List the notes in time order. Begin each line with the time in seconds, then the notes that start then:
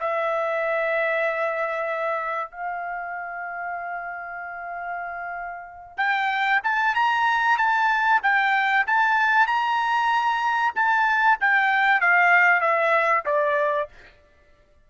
0.00 E5
2.51 F5
5.97 G5
6.64 A5
6.95 A#5
7.58 A5
8.23 G5
8.87 A5
9.47 A#5
10.75 A5
11.40 G5
12.01 F5
12.61 E5
13.26 D5